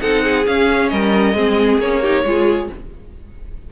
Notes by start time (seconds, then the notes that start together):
0.00 C4 D#4 A4 F#5
0.24 G#4
0.45 C#4 F5
0.89 G3 A#4 D#5
1.34 G#3 C4 G#4
1.78 A#3 C#4 C#5
2.02 D#4 G4
2.25 G#3 F4 G#4